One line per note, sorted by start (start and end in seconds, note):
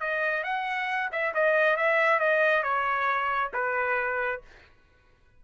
0.00 0.44 D#5
0.44 1.10 F#5
1.12 1.34 E5
1.34 1.77 D#5
1.77 2.20 E5
2.20 2.63 D#5
2.63 3.51 C#5
3.53 4.41 B4